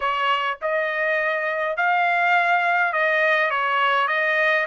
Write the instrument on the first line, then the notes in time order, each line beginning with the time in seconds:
trumpet
0.00 C#5
0.61 D#5
1.76 F5
2.93 D#5
3.50 C#5
4.07 D#5